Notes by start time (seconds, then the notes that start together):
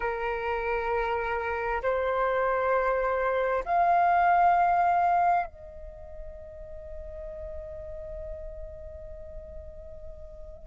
0.00 A#4
1.82 C5
3.65 F5
5.46 D#5